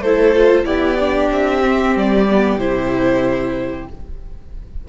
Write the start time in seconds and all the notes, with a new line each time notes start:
0.00 A3 E4 A4 C5
0.36 F4
0.65 B3 E4 G4 D5
1.00 D4
1.32 C4 E5
1.63 C4
1.96 G3 D5
2.30 B3
2.57 C3 E4 C5